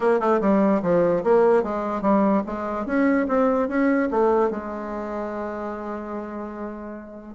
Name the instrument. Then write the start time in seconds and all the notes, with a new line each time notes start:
bassoon
0.00 A#3
0.19 A3
0.40 G3
0.82 F3
1.23 A#3
1.63 G#3
2.01 G3
2.46 G#3
2.86 C#4
3.28 C4
3.68 C#4
4.10 A3
4.50 G#3